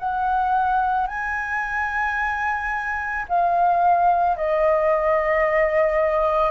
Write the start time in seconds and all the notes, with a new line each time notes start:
0.00 F#5
1.08 G#5
3.29 F5
4.37 D#5